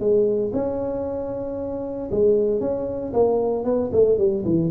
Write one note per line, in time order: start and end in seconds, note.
0.00 0.52 G#3
0.54 2.10 C#4
2.12 2.61 G#3
2.61 3.13 C#4
3.14 3.65 A#3
3.65 3.91 B3
3.93 4.18 A3
4.18 4.44 G3
4.46 4.71 E3